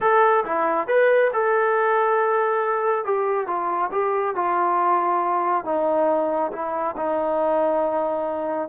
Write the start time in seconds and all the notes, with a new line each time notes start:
0.00 A4
0.44 E4
0.87 B4
1.33 A4
3.04 G4
3.47 F4
3.91 G4
4.35 F4
5.64 D#4
6.52 E4
6.97 D#4